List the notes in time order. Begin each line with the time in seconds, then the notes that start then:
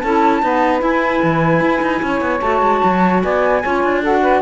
0.00 C#4 E4 A4 A5
0.42 B3 D#4 B4
0.80 E4 G#5
1.23 E3
1.61 E4
1.82 D#4
2.03 C#4 C#5
2.21 B3
2.41 A3 F#4 A5
2.61 G#3
2.84 F#3
3.23 B3 D5 G#5
3.62 C#4 F4 C#5
3.83 D4
4.01 F#4 A4 F#5
4.21 B4